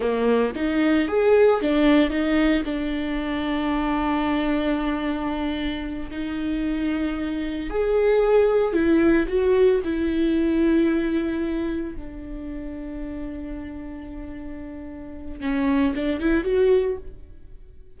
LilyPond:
\new Staff \with { instrumentName = "viola" } { \time 4/4 \tempo 4 = 113 ais4 dis'4 gis'4 d'4 | dis'4 d'2.~ | d'2.~ d'8 dis'8~ | dis'2~ dis'8 gis'4.~ |
gis'8 e'4 fis'4 e'4.~ | e'2~ e'8 d'4.~ | d'1~ | d'4 cis'4 d'8 e'8 fis'4 | }